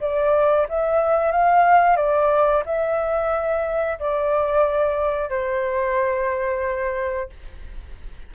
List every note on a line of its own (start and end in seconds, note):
0.00 0.67 D5
0.68 1.31 E5
1.31 1.96 F5
1.96 2.63 D5
2.65 3.98 E5
3.99 5.30 D5
5.30 7.30 C5